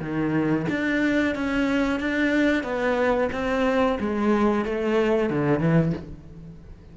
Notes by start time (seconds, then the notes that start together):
0.00 D#3
0.69 D4
1.35 C#4
2.00 D4
2.63 B3
3.32 C4
4.00 G#3
4.65 A3
5.30 D3
5.59 E3